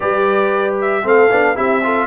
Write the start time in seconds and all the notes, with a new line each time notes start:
0.00 G3 G4 B4 D5
0.81 E5
1.03 A3 C4 A4 F5
1.30 B3 D4
1.55 C4 E4 G4 E5
1.83 F4 A4